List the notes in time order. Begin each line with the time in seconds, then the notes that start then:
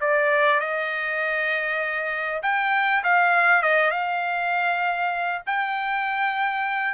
0.00 D5
0.60 D#5
2.42 G5
3.03 F5
3.62 D#5
3.90 F5
5.46 G5